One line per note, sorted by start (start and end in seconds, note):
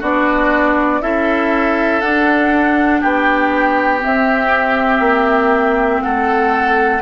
0.00 1.02 B3
0.00 1.02 D4
0.00 1.00 F#4
0.00 1.02 D5
1.02 2.03 C#4
1.02 2.02 E4
1.02 3.01 A4
1.02 2.01 E5
2.01 3.03 D4
2.01 4.01 D4
2.01 3.01 F#5
3.01 4.04 B3
3.01 6.01 G4
3.01 4.03 G5
4.01 7.01 C4
4.01 5.00 C4
4.01 6.03 E5
5.00 6.00 A#3
6.03 7.02 A3
6.03 7.02 A4
6.03 7.02 F#5